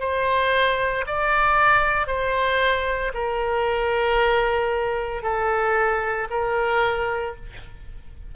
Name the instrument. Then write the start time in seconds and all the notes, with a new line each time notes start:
oboe
0.00 C5
1.07 D5
2.07 C5
3.14 A#4
5.23 A4
6.31 A#4